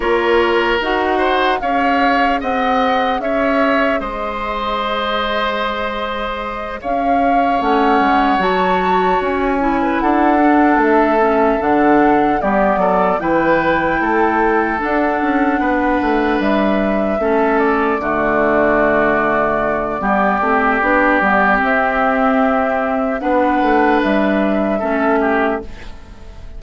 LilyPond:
<<
  \new Staff \with { instrumentName = "flute" } { \time 4/4 \tempo 4 = 75 cis''4 fis''4 f''4 fis''4 | e''4 dis''2.~ | dis''8 f''4 fis''4 a''4 gis''8~ | gis''8 fis''4 e''4 fis''4 d''8~ |
d''8 g''2 fis''4.~ | fis''8 e''4. d''2~ | d''2. e''4~ | e''4 fis''4 e''2 | }
  \new Staff \with { instrumentName = "oboe" } { \time 4/4 ais'4. c''8 cis''4 dis''4 | cis''4 c''2.~ | c''8 cis''2.~ cis''8~ | cis''16 b'16 a'2. g'8 |
a'8 b'4 a'2 b'8~ | b'4. a'4 fis'4.~ | fis'4 g'2.~ | g'4 b'2 a'8 g'8 | }
  \new Staff \with { instrumentName = "clarinet" } { \time 4/4 f'4 fis'4 gis'2~ | gis'1~ | gis'4. cis'4 fis'4. | e'4 d'4 cis'8 d'4 b8~ |
b8 e'2 d'4.~ | d'4. cis'4 a4.~ | a4 b8 c'8 d'8 b8 c'4~ | c'4 d'2 cis'4 | }
  \new Staff \with { instrumentName = "bassoon" } { \time 4/4 ais4 dis'4 cis'4 c'4 | cis'4 gis2.~ | gis8 cis'4 a8 gis8 fis4 cis'8~ | cis'8 d'4 a4 d4 g8 |
fis8 e4 a4 d'8 cis'8 b8 | a8 g4 a4 d4.~ | d4 g8 a8 b8 g8 c'4~ | c'4 b8 a8 g4 a4 | }
>>